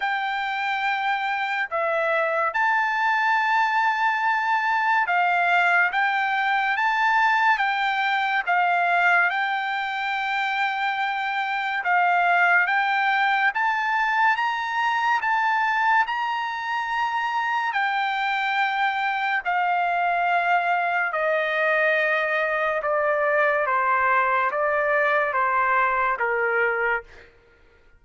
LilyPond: \new Staff \with { instrumentName = "trumpet" } { \time 4/4 \tempo 4 = 71 g''2 e''4 a''4~ | a''2 f''4 g''4 | a''4 g''4 f''4 g''4~ | g''2 f''4 g''4 |
a''4 ais''4 a''4 ais''4~ | ais''4 g''2 f''4~ | f''4 dis''2 d''4 | c''4 d''4 c''4 ais'4 | }